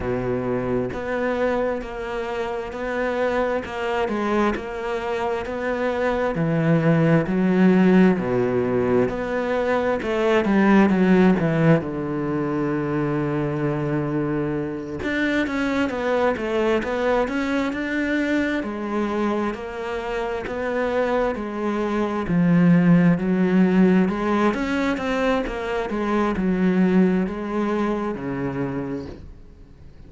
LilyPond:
\new Staff \with { instrumentName = "cello" } { \time 4/4 \tempo 4 = 66 b,4 b4 ais4 b4 | ais8 gis8 ais4 b4 e4 | fis4 b,4 b4 a8 g8 | fis8 e8 d2.~ |
d8 d'8 cis'8 b8 a8 b8 cis'8 d'8~ | d'8 gis4 ais4 b4 gis8~ | gis8 f4 fis4 gis8 cis'8 c'8 | ais8 gis8 fis4 gis4 cis4 | }